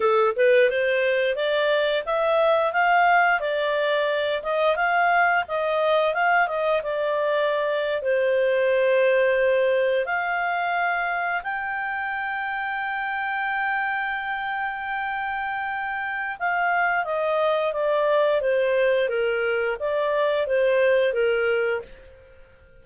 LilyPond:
\new Staff \with { instrumentName = "clarinet" } { \time 4/4 \tempo 4 = 88 a'8 b'8 c''4 d''4 e''4 | f''4 d''4. dis''8 f''4 | dis''4 f''8 dis''8 d''4.~ d''16 c''16~ | c''2~ c''8. f''4~ f''16~ |
f''8. g''2.~ g''16~ | g''1 | f''4 dis''4 d''4 c''4 | ais'4 d''4 c''4 ais'4 | }